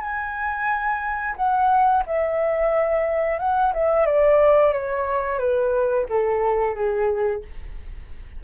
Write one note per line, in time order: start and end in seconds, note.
0.00 1.35 G#5
1.36 2.03 F#5
2.06 3.39 E5
3.39 3.72 F#5
3.74 4.06 E5
4.06 4.73 D5
4.73 5.38 C#5
5.38 6.06 B4
6.09 6.74 A4
6.74 7.42 G#4